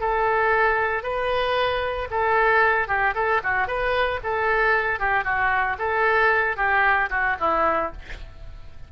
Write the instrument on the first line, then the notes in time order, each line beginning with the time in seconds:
oboe
0.00 A4
1.02 B4
2.10 A4
2.88 G4
3.14 A4
3.43 F#4
3.67 B4
4.23 A4
4.99 G4
5.24 F#4
5.78 A4
6.56 G4
7.10 F#4
7.39 E4